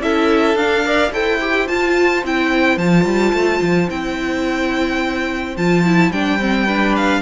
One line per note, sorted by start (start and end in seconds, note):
0.00 0.55 C#4
0.00 0.57 E4
0.00 0.86 A4
0.00 0.57 E5
0.55 1.11 D4
0.55 0.84 D4
0.55 1.12 F5
0.84 1.11 A#4
0.84 1.14 D5
1.12 1.69 E4
1.12 1.40 A4
1.12 6.66 C5
1.12 1.68 G5
1.41 1.68 G4
1.68 2.24 F4
1.68 2.23 A5
2.24 2.77 C4
2.24 2.80 E4
2.24 2.78 G5
2.77 3.05 F3
2.77 3.89 F4
2.77 3.89 A5
3.05 3.33 G3
3.33 3.61 A3
3.62 3.89 F3
3.89 5.57 C4
3.89 5.56 E4
3.89 5.57 G5
5.57 6.11 F3
5.57 5.86 F4
5.57 6.12 A5
5.86 6.13 E4
6.11 7.22 G3
6.11 6.39 D4
6.11 6.95 G5
6.39 6.67 C4
6.66 7.22 D4
6.66 7.22 B4
6.96 7.22 F5